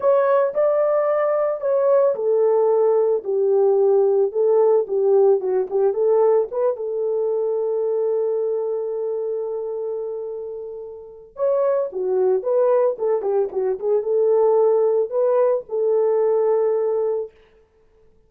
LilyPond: \new Staff \with { instrumentName = "horn" } { \time 4/4 \tempo 4 = 111 cis''4 d''2 cis''4 | a'2 g'2 | a'4 g'4 fis'8 g'8 a'4 | b'8 a'2.~ a'8~ |
a'1~ | a'4 cis''4 fis'4 b'4 | a'8 g'8 fis'8 gis'8 a'2 | b'4 a'2. | }